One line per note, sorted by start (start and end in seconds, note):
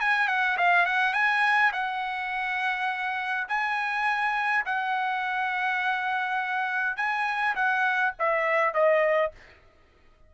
0.00 0.28 G#5
0.28 0.57 F#5
0.57 0.86 F5
0.86 1.13 F#5
1.13 1.71 G#5
1.72 3.47 F#5
3.48 4.64 G#5
4.65 6.96 F#5
6.96 7.55 G#5
7.55 8.13 F#5
8.19 8.74 E5
8.74 9.32 D#5